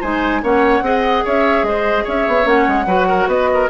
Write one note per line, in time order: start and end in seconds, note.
0.00 0.42 G#3
0.00 0.42 D#4
0.00 0.41 C5
0.00 0.42 G#5
0.42 0.81 A#3
0.42 0.83 C#4
0.42 0.84 C#5
0.42 1.25 F#5
0.81 1.22 C4
0.81 2.43 G#4
0.81 1.24 D#5
1.24 1.62 C#4
1.24 1.65 C#5
1.24 1.64 E5
1.62 2.03 G#3
1.62 2.04 C5
1.62 2.05 D#5
2.04 2.27 C#4
2.04 2.85 C#5
2.04 2.47 E5
2.27 2.45 B3
2.43 2.65 A#3
2.43 2.84 C#4
2.43 3.29 F#5
2.67 2.86 G#3
2.86 3.27 F#3
2.86 3.68 F#4
2.86 3.07 B4
3.08 3.28 A#4
3.27 3.68 B3
3.27 3.48 B4
3.27 3.69 D#5
3.53 3.69 A#4